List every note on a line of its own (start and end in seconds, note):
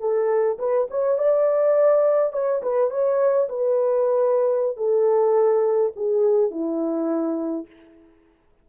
0.00 0.58 A4
0.59 0.88 B4
0.90 1.18 C#5
1.18 2.33 D5
2.33 2.61 C#5
2.62 2.90 B4
2.90 3.48 C#5
3.49 4.77 B4
4.77 5.92 A4
5.96 6.51 G#4
6.51 7.66 E4